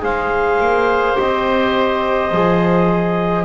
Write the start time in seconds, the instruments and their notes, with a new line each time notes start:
0.00 double bass G#3, trombone G#4, oboe C5, clarinet F5
0.60 double bass A#3
1.15 double bass C4, trombone G4, clarinet D#5
2.31 double bass F3, trombone G#4